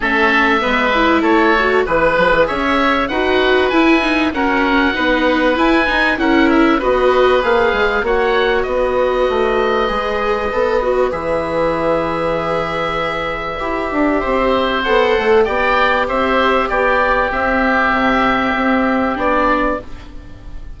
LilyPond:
<<
  \new Staff \with { instrumentName = "oboe" } { \time 4/4 \tempo 4 = 97 e''2 cis''4 b'4 | e''4 fis''4 gis''4 fis''4~ | fis''4 gis''4 fis''8 e''8 dis''4 | f''4 fis''4 dis''2~ |
dis''2 e''2~ | e''1 | fis''4 g''4 e''4 d''4 | e''2. d''4 | }
  \new Staff \with { instrumentName = "oboe" } { \time 4/4 a'4 b'4 a'4 b'4 | cis''4 b'2 ais'4 | b'2 ais'4 b'4~ | b'4 cis''4 b'2~ |
b'1~ | b'2. c''4~ | c''4 d''4 c''4 g'4~ | g'1 | }
  \new Staff \with { instrumentName = "viola" } { \time 4/4 cis'4 b8 e'4 fis'8 gis'4~ | gis'4 fis'4 e'8 dis'8 cis'4 | dis'4 e'8 dis'8 e'4 fis'4 | gis'4 fis'2. |
gis'4 a'8 fis'8 gis'2~ | gis'2 g'2 | a'4 g'2. | c'2. d'4 | }
  \new Staff \with { instrumentName = "bassoon" } { \time 4/4 a4 gis4 a4 e8 f16 e16 | cis'4 dis'4 e'4 fis'4 | b4 e'8 dis'8 cis'4 b4 | ais8 gis8 ais4 b4 a4 |
gis4 b4 e2~ | e2 e'8 d'8 c'4 | b8 a8 b4 c'4 b4 | c'4 c4 c'4 b4 | }
>>